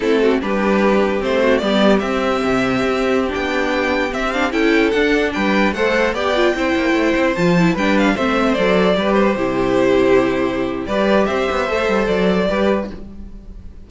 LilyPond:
<<
  \new Staff \with { instrumentName = "violin" } { \time 4/4 \tempo 4 = 149 a'4 b'2 c''4 | d''4 e''2.~ | e''16 g''2 e''8 f''8 g''8.~ | g''16 fis''4 g''4 fis''4 g''8.~ |
g''2~ g''16 a''4 g''8 f''16~ | f''16 e''4 d''4. c''4~ c''16~ | c''2. d''4 | e''2 d''2 | }
  \new Staff \with { instrumentName = "violin" } { \time 4/4 e'8 fis'8 g'2~ g'8 fis'8 | g'1~ | g'2.~ g'16 a'8.~ | a'4~ a'16 b'4 c''4 d''8.~ |
d''16 c''2. b'8.~ | b'16 c''2 b'4 g'8.~ | g'2. b'4 | c''2. b'4 | }
  \new Staff \with { instrumentName = "viola" } { \time 4/4 c'4 d'2 c'4 | b4 c'2.~ | c'16 d'2 c'8 d'8 e'8.~ | e'16 d'2 a'4 g'8 f'16~ |
f'16 e'2 f'8 e'8 d'8.~ | d'16 c'4 a'4 g'4 e'8.~ | e'2. g'4~ | g'4 a'2 g'4 | }
  \new Staff \with { instrumentName = "cello" } { \time 4/4 a4 g2 a4 | g4 c'4 c4 c'4~ | c'16 b2 c'4 cis'8.~ | cis'16 d'4 g4 a4 b8.~ |
b16 c'8 ais8 a8 c'8 f4 g8.~ | g16 a4 fis4 g4 c8.~ | c2. g4 | c'8 b8 a8 g8 fis4 g4 | }
>>